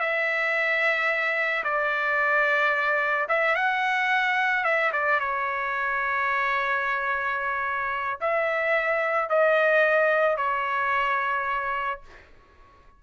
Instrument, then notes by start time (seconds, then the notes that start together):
trumpet
0.00 E5
1.64 D5
3.29 E5
3.56 F#5
4.65 E5
4.93 D5
5.20 C#5
8.21 E5
9.30 D#5
10.38 C#5